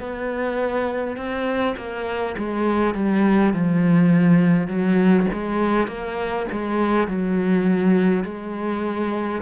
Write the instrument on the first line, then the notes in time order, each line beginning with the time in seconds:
cello
0.00 B3
1.17 C4
1.77 A#3
2.38 G#3
2.95 G3
3.53 F3
4.67 F#3
5.33 G#3
5.88 A#3
6.51 G#3
7.07 F#3
8.24 G#3